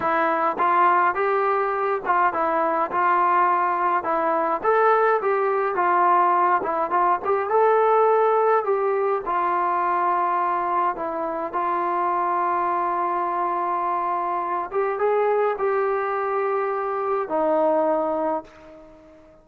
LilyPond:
\new Staff \with { instrumentName = "trombone" } { \time 4/4 \tempo 4 = 104 e'4 f'4 g'4. f'8 | e'4 f'2 e'4 | a'4 g'4 f'4. e'8 | f'8 g'8 a'2 g'4 |
f'2. e'4 | f'1~ | f'4. g'8 gis'4 g'4~ | g'2 dis'2 | }